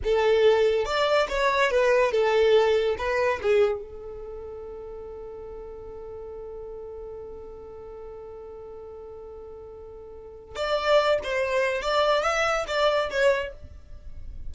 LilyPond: \new Staff \with { instrumentName = "violin" } { \time 4/4 \tempo 4 = 142 a'2 d''4 cis''4 | b'4 a'2 b'4 | gis'4 a'2.~ | a'1~ |
a'1~ | a'1~ | a'4 d''4. c''4. | d''4 e''4 d''4 cis''4 | }